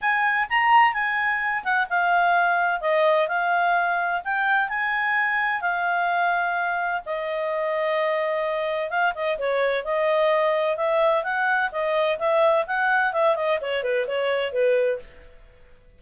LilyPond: \new Staff \with { instrumentName = "clarinet" } { \time 4/4 \tempo 4 = 128 gis''4 ais''4 gis''4. fis''8 | f''2 dis''4 f''4~ | f''4 g''4 gis''2 | f''2. dis''4~ |
dis''2. f''8 dis''8 | cis''4 dis''2 e''4 | fis''4 dis''4 e''4 fis''4 | e''8 dis''8 cis''8 b'8 cis''4 b'4 | }